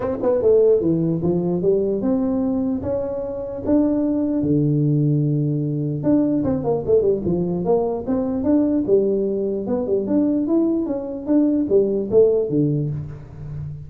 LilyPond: \new Staff \with { instrumentName = "tuba" } { \time 4/4 \tempo 4 = 149 c'8 b8 a4 e4 f4 | g4 c'2 cis'4~ | cis'4 d'2 d4~ | d2. d'4 |
c'8 ais8 a8 g8 f4 ais4 | c'4 d'4 g2 | b8 g8 d'4 e'4 cis'4 | d'4 g4 a4 d4 | }